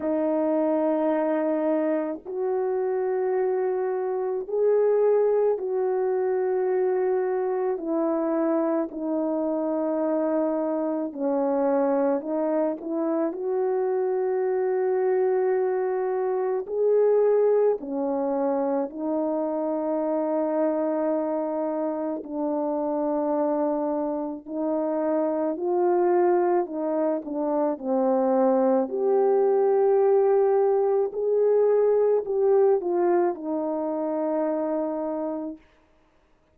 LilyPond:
\new Staff \with { instrumentName = "horn" } { \time 4/4 \tempo 4 = 54 dis'2 fis'2 | gis'4 fis'2 e'4 | dis'2 cis'4 dis'8 e'8 | fis'2. gis'4 |
cis'4 dis'2. | d'2 dis'4 f'4 | dis'8 d'8 c'4 g'2 | gis'4 g'8 f'8 dis'2 | }